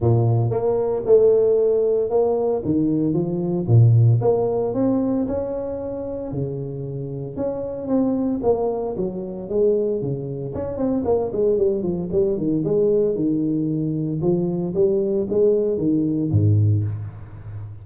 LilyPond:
\new Staff \with { instrumentName = "tuba" } { \time 4/4 \tempo 4 = 114 ais,4 ais4 a2 | ais4 dis4 f4 ais,4 | ais4 c'4 cis'2 | cis2 cis'4 c'4 |
ais4 fis4 gis4 cis4 | cis'8 c'8 ais8 gis8 g8 f8 g8 dis8 | gis4 dis2 f4 | g4 gis4 dis4 gis,4 | }